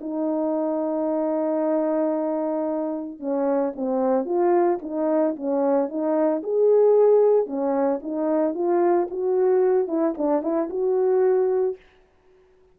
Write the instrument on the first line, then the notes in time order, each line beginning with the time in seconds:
horn
0.00 D#4
3.19 C#4
3.75 C4
4.25 F4
4.82 D#4
5.36 C#4
5.88 D#4
6.43 G#4
7.46 C#4
8.02 D#4
8.54 F4
9.10 F#4
9.87 E4
10.17 D4
10.42 E4
10.69 F#4